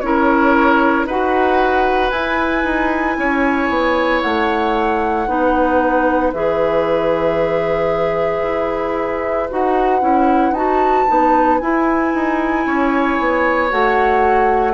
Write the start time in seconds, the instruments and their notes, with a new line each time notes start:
0.00 bassoon C#4, clarinet E4, oboe A#4, flute C#5
1.05 bassoon D#4, clarinet F#4, oboe B4, flute F#5
2.10 bassoon E4, clarinet E4, flute G#5
2.64 bassoon D#4
3.17 bassoon C#4, oboe C#5
3.69 bassoon B3
4.21 bassoon A3, flute F#5
5.27 bassoon B3, clarinet D#4, oboe B4
6.33 bassoon E3, clarinet G#4, flute E5
8.43 bassoon E4
9.50 bassoon D#4, clarinet F#4, flute F#5
10.00 bassoon C#4, clarinet E4
10.51 bassoon D#4, clarinet F#4, flute A5
11.07 bassoon B3, clarinet D#4
11.58 bassoon E4, clarinet E4, flute G#5
12.13 bassoon D#4
12.66 bassoon C#4, oboe C#5
13.19 bassoon B3
13.70 bassoon A3, clarinet F#4, flute F#5